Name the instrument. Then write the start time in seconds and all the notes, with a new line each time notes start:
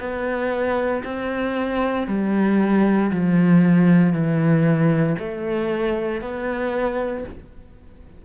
cello
0.00 B3
1.04 C4
2.08 G3
3.11 F3
4.13 E3
5.19 A3
6.22 B3